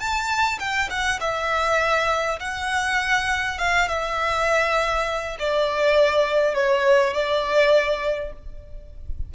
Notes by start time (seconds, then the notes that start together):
0.00 A5
0.60 G5
0.90 F#5
1.21 E5
2.40 F#5
3.59 F5
3.89 E5
5.40 D5
6.55 C#5
7.14 D5